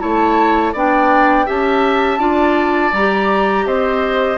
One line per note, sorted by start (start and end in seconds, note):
0.00 0.74 A3
0.00 0.73 E4
0.00 0.73 C#5
0.00 0.74 A5
0.73 1.47 B3
0.73 1.46 D4
0.73 1.46 D5
0.73 1.49 G5
1.46 2.19 C#4
1.46 2.19 G4
1.46 2.19 E5
1.46 2.94 A5
2.19 2.92 D4
2.19 2.92 F4
2.19 3.65 D5
2.93 3.66 G3
2.93 4.39 G4
2.93 3.67 A#5
3.66 4.39 C4
3.66 4.39 C5
3.66 4.39 D#5